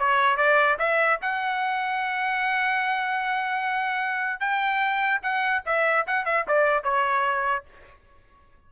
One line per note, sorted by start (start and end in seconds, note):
0.00 0.37 C#5
0.37 0.78 D5
0.79 1.20 E5
1.22 4.40 F#5
4.40 5.21 G5
5.23 5.63 F#5
5.66 6.07 E5
6.07 6.26 F#5
6.26 6.46 E5
6.48 6.84 D5
6.84 7.65 C#5